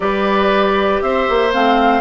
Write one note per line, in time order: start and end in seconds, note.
0.00 1.01 G3
0.00 1.51 G4
0.00 1.03 B4
0.00 1.01 D5
1.01 1.27 C4
1.01 2.00 C5
1.01 1.52 E5
1.29 1.54 A#3
1.52 2.00 A3
1.52 2.00 C4
1.52 2.00 F5